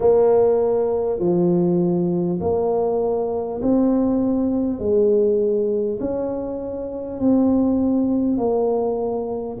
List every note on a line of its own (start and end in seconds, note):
0.00 1.19 A#3
1.19 2.39 F3
2.40 3.60 A#3
3.62 4.79 C4
4.79 5.99 G#3
6.00 7.19 C#4
7.19 8.37 C4
8.37 9.57 A#3